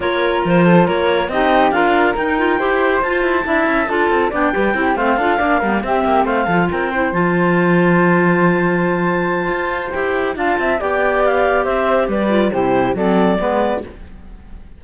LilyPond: <<
  \new Staff \with { instrumentName = "clarinet" } { \time 4/4 \tempo 4 = 139 cis''4 c''4 cis''4 dis''4 | f''4 g''2 a''4~ | a''2 g''4. f''8~ | f''4. e''4 f''4 g''8~ |
g''8 a''2.~ a''8~ | a''2. g''4 | a''4 g''4 f''4 e''4 | d''4 c''4 d''2 | }
  \new Staff \with { instrumentName = "flute" } { \time 4/4 ais'4. a'8 ais'4 g'4 | ais'2 c''2 | e''4 a'4 d''8 b'8 g'8 c''8 | a'8 d''8 ais'8 g'4 c''8 a'8 ais'8 |
c''1~ | c''1 | f''8 e''8 d''2 c''4 | b'4 g'4 a'4 b'4 | }
  \new Staff \with { instrumentName = "clarinet" } { \time 4/4 f'2. dis'4 | f'4 dis'8 f'8 g'4 f'4 | e'4 f'4 d'8 g'8 e'8 c'8 | f'8 d'8 b16 ais16 c'4. f'4 |
e'8 f'2.~ f'8~ | f'2. g'4 | f'4 g'2.~ | g'8 f'8 e'4 c'4 b4 | }
  \new Staff \with { instrumentName = "cello" } { \time 4/4 ais4 f4 ais4 c'4 | d'4 dis'4 e'4 f'8 e'8 | d'8 cis'8 d'8 c'8 b8 g8 c'8 a8 | d'8 ais8 g8 c'8 ais8 a8 f8 c'8~ |
c'8 f2.~ f8~ | f2 f'4 e'4 | d'8 c'8 b2 c'4 | g4 c4 fis4 gis4 | }
>>